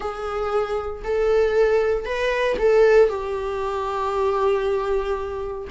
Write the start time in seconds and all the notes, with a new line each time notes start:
0.00 G#4
1.03 A4
2.05 B4
2.59 A4
3.09 G4